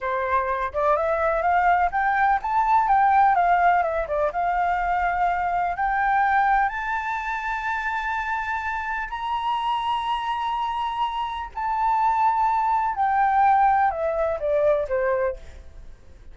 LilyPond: \new Staff \with { instrumentName = "flute" } { \time 4/4 \tempo 4 = 125 c''4. d''8 e''4 f''4 | g''4 a''4 g''4 f''4 | e''8 d''8 f''2. | g''2 a''2~ |
a''2. ais''4~ | ais''1 | a''2. g''4~ | g''4 e''4 d''4 c''4 | }